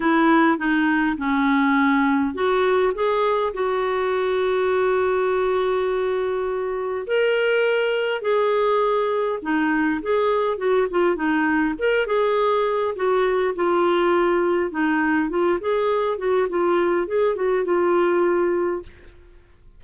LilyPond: \new Staff \with { instrumentName = "clarinet" } { \time 4/4 \tempo 4 = 102 e'4 dis'4 cis'2 | fis'4 gis'4 fis'2~ | fis'1 | ais'2 gis'2 |
dis'4 gis'4 fis'8 f'8 dis'4 | ais'8 gis'4. fis'4 f'4~ | f'4 dis'4 f'8 gis'4 fis'8 | f'4 gis'8 fis'8 f'2 | }